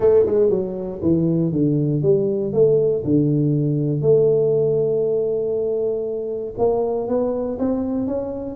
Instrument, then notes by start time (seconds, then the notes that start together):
tuba
0.00 A3
0.25 G#3
0.50 F#3
1.02 E3
1.52 D3
2.02 G3
2.53 A3
3.04 D3
4.01 A3
6.58 A#3
7.07 B3
7.59 C4
8.07 C#4